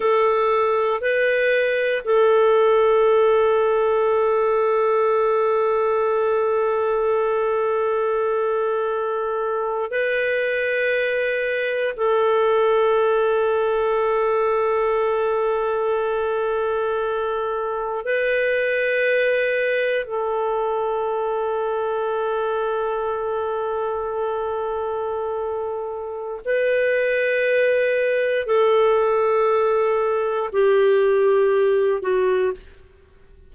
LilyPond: \new Staff \with { instrumentName = "clarinet" } { \time 4/4 \tempo 4 = 59 a'4 b'4 a'2~ | a'1~ | a'4.~ a'16 b'2 a'16~ | a'1~ |
a'4.~ a'16 b'2 a'16~ | a'1~ | a'2 b'2 | a'2 g'4. fis'8 | }